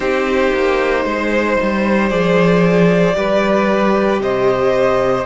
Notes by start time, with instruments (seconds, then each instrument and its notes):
0.00 cello C4, viola D#4, violin G4 C5
0.53 cello A#3
1.05 cello G#3, violin C5
1.61 cello G3
2.09 cello F3, viola G#4, violin D5
3.14 cello G3, viola G4, violin B4
4.20 cello C3, violin C5 D#5